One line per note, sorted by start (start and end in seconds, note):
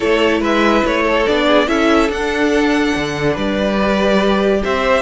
0.00 0.40 A3
0.00 1.26 E4
0.00 0.40 A4
0.00 0.42 C#5
0.40 0.82 G#3
0.40 1.02 B4
0.40 0.85 E5
0.84 1.26 A3
0.84 1.26 C#5
1.02 1.44 A4
1.26 1.67 B3
1.26 1.67 D4
1.26 1.68 D5
1.47 1.68 G#4
1.67 2.09 C#4
1.67 2.09 E4
1.67 3.33 A4
1.67 2.10 E5
2.09 2.93 D4
2.09 3.80 D4
2.09 3.36 F#5
2.96 3.36 D3
3.33 4.62 G3
3.33 4.59 B4
3.33 4.63 D5
3.80 5.02 G4
4.63 5.02 C4
4.63 5.02 C5
4.63 5.02 E5